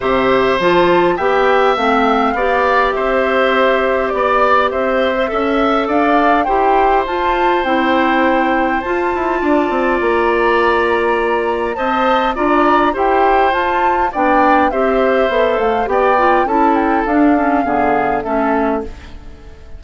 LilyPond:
<<
  \new Staff \with { instrumentName = "flute" } { \time 4/4 \tempo 4 = 102 e''4 a''4 g''4 f''4~ | f''4 e''2 d''4 | e''2 f''4 g''4 | a''4 g''2 a''4~ |
a''4 ais''2. | a''4 ais''4 g''4 a''4 | g''4 e''4. f''8 g''4 | a''8 g''8 f''2 e''4 | }
  \new Staff \with { instrumentName = "oboe" } { \time 4/4 c''2 e''2 | d''4 c''2 d''4 | c''4 e''4 d''4 c''4~ | c''1 |
d''1 | dis''4 d''4 c''2 | d''4 c''2 d''4 | a'2 gis'4 a'4 | }
  \new Staff \with { instrumentName = "clarinet" } { \time 4/4 g'4 f'4 g'4 c'4 | g'1~ | g'8. c''16 a'2 g'4 | f'4 e'2 f'4~ |
f'1 | c''4 f'4 g'4 f'4 | d'4 g'4 a'4 g'8 f'8 | e'4 d'8 cis'8 b4 cis'4 | }
  \new Staff \with { instrumentName = "bassoon" } { \time 4/4 c4 f4 b4 a4 | b4 c'2 b4 | c'4 cis'4 d'4 e'4 | f'4 c'2 f'8 e'8 |
d'8 c'8 ais2. | c'4 d'4 e'4 f'4 | b4 c'4 b8 a8 b4 | cis'4 d'4 d4 a4 | }
>>